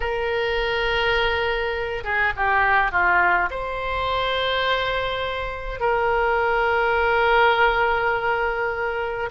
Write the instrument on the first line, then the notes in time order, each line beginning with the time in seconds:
oboe
0.00 A#4
2.04 G#4
2.36 G4
2.91 F4
3.50 C5
5.80 A#4